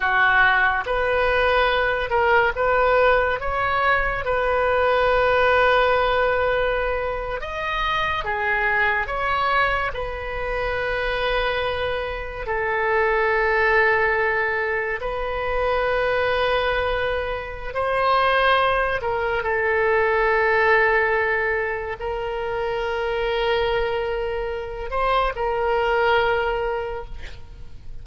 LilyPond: \new Staff \with { instrumentName = "oboe" } { \time 4/4 \tempo 4 = 71 fis'4 b'4. ais'8 b'4 | cis''4 b'2.~ | b'8. dis''4 gis'4 cis''4 b'16~ | b'2~ b'8. a'4~ a'16~ |
a'4.~ a'16 b'2~ b'16~ | b'4 c''4. ais'8 a'4~ | a'2 ais'2~ | ais'4. c''8 ais'2 | }